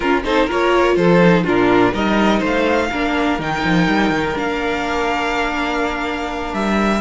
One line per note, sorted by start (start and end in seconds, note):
0.00 0.22 C#4
0.00 0.24 C#4
0.00 0.23 F4
0.00 0.22 A#4
0.24 0.50 C4
0.24 0.48 D#4
0.24 0.46 A4
0.24 0.49 C5
0.46 0.96 A#3
0.46 1.21 F4
0.46 0.94 A#4
0.46 0.96 C#5
0.96 1.44 F3
0.96 1.43 A4
0.96 1.44 C5
1.22 1.45 D#4
1.43 1.93 A#2
1.43 1.93 D4
1.43 1.92 F4
1.43 1.93 A#4
1.93 2.41 G3
1.93 2.90 D#4
1.93 2.39 A#4
1.93 2.42 D#5
2.39 2.90 A3
2.39 2.87 C5
2.46 3.40 F5
2.91 3.39 A#3
2.91 3.40 D4
2.91 7.00 A#4
3.39 3.63 D#3
3.39 4.34 D#4
3.39 4.37 G5
3.63 3.87 F3
3.87 4.09 G3
4.09 4.33 D#3
4.34 6.53 A#3
4.34 7.00 D4
4.34 6.54 F5
6.53 7.00 G3
6.53 7.00 E5